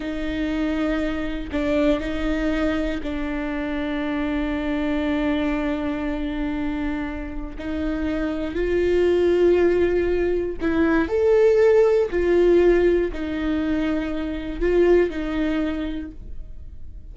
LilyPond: \new Staff \with { instrumentName = "viola" } { \time 4/4 \tempo 4 = 119 dis'2. d'4 | dis'2 d'2~ | d'1~ | d'2. dis'4~ |
dis'4 f'2.~ | f'4 e'4 a'2 | f'2 dis'2~ | dis'4 f'4 dis'2 | }